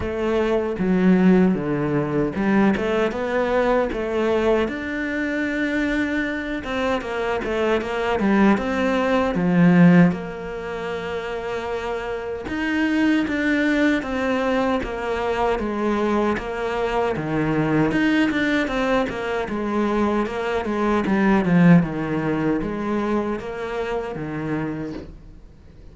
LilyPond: \new Staff \with { instrumentName = "cello" } { \time 4/4 \tempo 4 = 77 a4 fis4 d4 g8 a8 | b4 a4 d'2~ | d'8 c'8 ais8 a8 ais8 g8 c'4 | f4 ais2. |
dis'4 d'4 c'4 ais4 | gis4 ais4 dis4 dis'8 d'8 | c'8 ais8 gis4 ais8 gis8 g8 f8 | dis4 gis4 ais4 dis4 | }